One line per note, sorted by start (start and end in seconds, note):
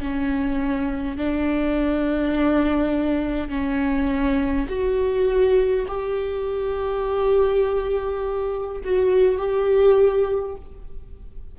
0.00 1.17 C#4
1.17 3.49 D4
3.49 4.67 C#4
4.69 5.87 F#4
5.88 8.82 G4
8.84 9.38 F#4
9.38 10.56 G4